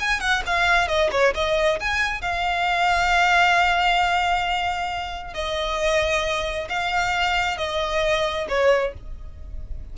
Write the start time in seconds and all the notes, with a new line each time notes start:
0.00 G#5
0.20 F#5
0.46 F5
0.88 D#5
1.12 C#5
1.35 D#5
1.80 G#5
2.22 F5
5.34 D#5
6.69 F5
7.58 D#5
8.49 C#5